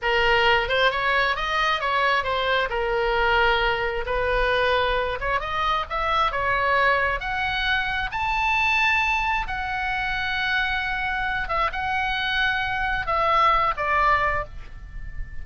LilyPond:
\new Staff \with { instrumentName = "oboe" } { \time 4/4 \tempo 4 = 133 ais'4. c''8 cis''4 dis''4 | cis''4 c''4 ais'2~ | ais'4 b'2~ b'8 cis''8 | dis''4 e''4 cis''2 |
fis''2 a''2~ | a''4 fis''2.~ | fis''4. e''8 fis''2~ | fis''4 e''4. d''4. | }